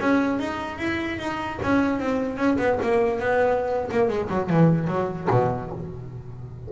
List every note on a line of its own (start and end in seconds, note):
0.00 0.39 C#4
0.39 0.78 D#4
0.78 1.19 E4
1.19 1.59 D#4
1.62 2.00 C#4
2.00 2.37 C4
2.37 2.57 C#4
2.58 2.79 B3
2.82 3.20 A#3
3.20 3.90 B3
3.91 4.09 A#3
4.09 4.29 G#3
4.29 4.50 F#3
4.50 4.88 E3
4.88 5.28 F#3
5.30 5.71 B2